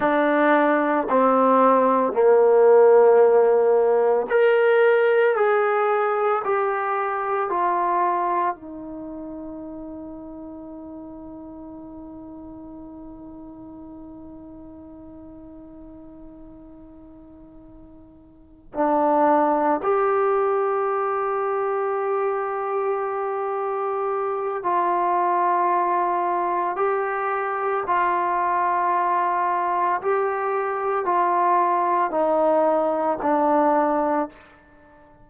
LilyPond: \new Staff \with { instrumentName = "trombone" } { \time 4/4 \tempo 4 = 56 d'4 c'4 ais2 | ais'4 gis'4 g'4 f'4 | dis'1~ | dis'1~ |
dis'4. d'4 g'4.~ | g'2. f'4~ | f'4 g'4 f'2 | g'4 f'4 dis'4 d'4 | }